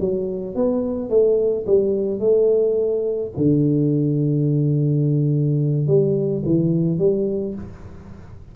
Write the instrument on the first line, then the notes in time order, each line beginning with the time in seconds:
tuba
0.00 F#3
0.55 B3
1.10 A3
1.67 G3
2.20 A3
3.37 D3
5.87 G3
6.45 E3
6.99 G3